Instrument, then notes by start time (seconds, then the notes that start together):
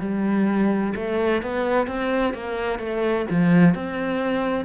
cello
0.00 G3
0.95 A3
1.42 B3
1.87 C4
2.34 A#3
2.79 A3
3.30 F3
3.75 C4